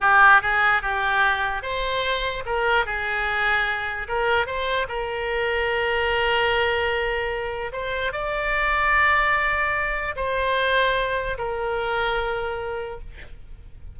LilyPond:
\new Staff \with { instrumentName = "oboe" } { \time 4/4 \tempo 4 = 148 g'4 gis'4 g'2 | c''2 ais'4 gis'4~ | gis'2 ais'4 c''4 | ais'1~ |
ais'2. c''4 | d''1~ | d''4 c''2. | ais'1 | }